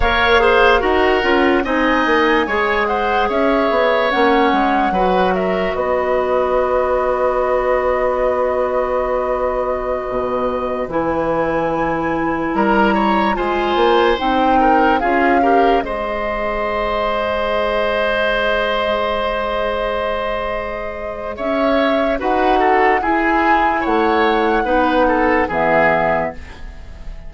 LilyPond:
<<
  \new Staff \with { instrumentName = "flute" } { \time 4/4 \tempo 4 = 73 f''4 fis''4 gis''4. fis''8 | e''4 fis''4. e''8 dis''4~ | dis''1~ | dis''4~ dis''16 gis''2 ais''8.~ |
ais''16 gis''4 g''4 f''4 dis''8.~ | dis''1~ | dis''2 e''4 fis''4 | gis''4 fis''2 e''4 | }
  \new Staff \with { instrumentName = "oboe" } { \time 4/4 cis''8 c''8 ais'4 dis''4 cis''8 c''8 | cis''2 b'8 ais'8 b'4~ | b'1~ | b'2.~ b'16 ais'8 cis''16~ |
cis''16 c''4. ais'8 gis'8 ais'8 c''8.~ | c''1~ | c''2 cis''4 b'8 a'8 | gis'4 cis''4 b'8 a'8 gis'4 | }
  \new Staff \with { instrumentName = "clarinet" } { \time 4/4 ais'8 gis'8 fis'8 f'8 dis'4 gis'4~ | gis'4 cis'4 fis'2~ | fis'1~ | fis'4~ fis'16 e'2~ e'8.~ |
e'16 f'4 dis'4 f'8 g'8 gis'8.~ | gis'1~ | gis'2. fis'4 | e'2 dis'4 b4 | }
  \new Staff \with { instrumentName = "bassoon" } { \time 4/4 ais4 dis'8 cis'8 c'8 ais8 gis4 | cis'8 b8 ais8 gis8 fis4 b4~ | b1~ | b16 b,4 e2 g8.~ |
g16 gis8 ais8 c'4 cis'4 gis8.~ | gis1~ | gis2 cis'4 dis'4 | e'4 a4 b4 e4 | }
>>